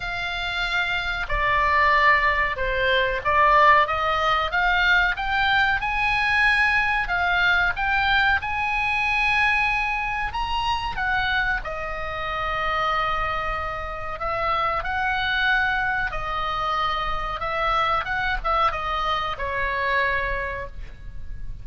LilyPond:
\new Staff \with { instrumentName = "oboe" } { \time 4/4 \tempo 4 = 93 f''2 d''2 | c''4 d''4 dis''4 f''4 | g''4 gis''2 f''4 | g''4 gis''2. |
ais''4 fis''4 dis''2~ | dis''2 e''4 fis''4~ | fis''4 dis''2 e''4 | fis''8 e''8 dis''4 cis''2 | }